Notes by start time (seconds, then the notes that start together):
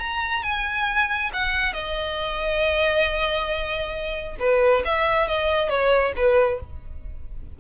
0.00 A#5
0.43 G#5
1.34 F#5
1.74 D#5
4.40 B4
4.85 E5
5.28 D#5
5.70 C#5
6.17 B4